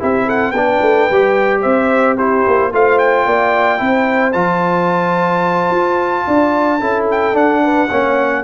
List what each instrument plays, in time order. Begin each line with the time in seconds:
0.00 tuba C4, trombone E4, horn G4, trumpet E5
0.25 horn A4, trumpet F#5
0.52 tuba B3, trombone D4, horn B4, trumpet G5
0.82 tuba A3
1.10 tuba G3, trombone G4
1.61 tuba C4, horn C5, trumpet E5
2.15 trombone E4, horn G4, trumpet C5
2.48 tuba A#3
2.73 tuba A3, trombone F4, horn C5, trumpet F5
2.99 trumpet G5
3.26 tuba A#3, horn D5
3.78 tuba C4, trombone E4, horn C5
4.33 tuba F3, trombone F4, trumpet A5
5.71 tuba F4
6.28 tuba D4, horn D5
6.81 tuba C#4, trombone E4, horn A4
7.11 trumpet G5
7.34 trombone D4, tuba D4, trumpet F#5
7.63 horn B4
7.89 tuba A#3, trombone C#4, horn C#5